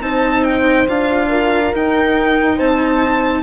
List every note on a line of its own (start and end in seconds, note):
0.00 0.86 C4
0.00 0.88 D#4
0.00 1.29 C5
0.00 0.44 A5
0.44 0.87 G5
0.88 1.74 D4
0.88 1.74 F4
0.88 1.74 F5
1.29 2.56 A#4
1.74 3.43 D#4
1.74 2.59 D#4
1.74 2.59 G5
2.56 3.43 C4
2.56 3.41 C5
2.56 3.43 A5